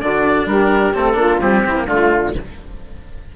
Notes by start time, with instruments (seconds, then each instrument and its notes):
0.00 bassoon D3, cello D4, saxophone F#4, oboe D5
0.46 bassoon G3, saxophone G4, oboe A#4
0.94 bassoon A3, cello C4, oboe A4
1.13 bassoon A#3, cello D4, saxophone F4
1.40 cello G3, bassoon C4, oboe G4
1.64 cello C4, saxophone E4
1.75 cello A#3
1.86 bassoon D3, cello A3, oboe F4, saxophone F4